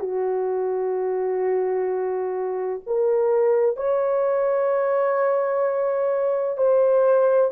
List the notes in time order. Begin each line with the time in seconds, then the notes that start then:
0.00 F#4
2.87 A#4
3.77 C#5
6.58 C5